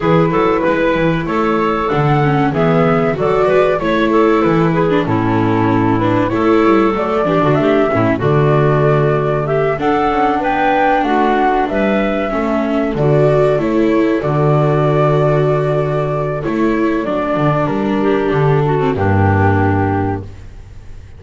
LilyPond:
<<
  \new Staff \with { instrumentName = "flute" } { \time 4/4 \tempo 4 = 95 b'2 cis''4 fis''4 | e''4 d''4 cis''4 b'4 | a'4. b'8 cis''4 d''4 | e''4 d''2 e''8 fis''8~ |
fis''8 g''4 fis''4 e''4.~ | e''8 d''4 cis''4 d''4.~ | d''2 cis''4 d''4 | ais'4 a'4 g'2 | }
  \new Staff \with { instrumentName = "clarinet" } { \time 4/4 gis'8 a'8 b'4 a'2 | gis'4 a'8 b'8 cis''8 a'4 gis'8 | e'2 a'4. g'16 fis'16 | g'8 e'8 fis'2 g'8 a'8~ |
a'8 b'4 fis'4 b'4 a'8~ | a'1~ | a'1~ | a'8 g'4 fis'8 d'2 | }
  \new Staff \with { instrumentName = "viola" } { \time 4/4 e'2. d'8 cis'8 | b4 fis'4 e'4.~ e'16 d'16 | cis'4. d'8 e'4 a8 d'8~ | d'8 cis'8 a2~ a8 d'8~ |
d'2.~ d'8 cis'8~ | cis'8 fis'4 e'4 fis'4.~ | fis'2 e'4 d'4~ | d'4.~ d'16 c'16 ais2 | }
  \new Staff \with { instrumentName = "double bass" } { \time 4/4 e8 fis8 gis8 e8 a4 d4 | e4 fis8 gis8 a4 e4 | a,2 a8 g8 fis8 e16 d16 | a8 a,8 d2~ d8 d'8 |
cis'8 b4 a4 g4 a8~ | a8 d4 a4 d4.~ | d2 a4 fis8 d8 | g4 d4 g,2 | }
>>